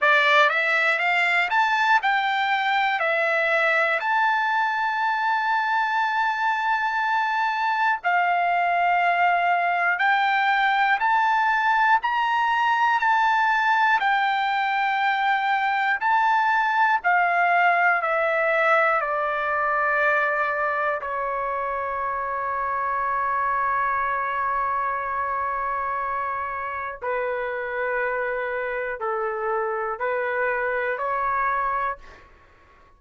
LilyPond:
\new Staff \with { instrumentName = "trumpet" } { \time 4/4 \tempo 4 = 60 d''8 e''8 f''8 a''8 g''4 e''4 | a''1 | f''2 g''4 a''4 | ais''4 a''4 g''2 |
a''4 f''4 e''4 d''4~ | d''4 cis''2.~ | cis''2. b'4~ | b'4 a'4 b'4 cis''4 | }